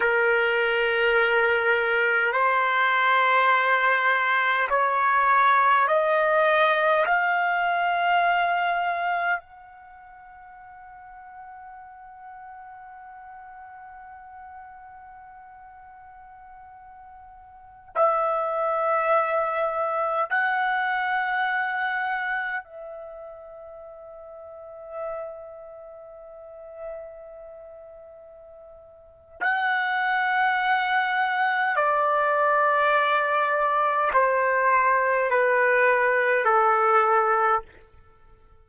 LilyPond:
\new Staff \with { instrumentName = "trumpet" } { \time 4/4 \tempo 4 = 51 ais'2 c''2 | cis''4 dis''4 f''2 | fis''1~ | fis''2.~ fis''16 e''8.~ |
e''4~ e''16 fis''2 e''8.~ | e''1~ | e''4 fis''2 d''4~ | d''4 c''4 b'4 a'4 | }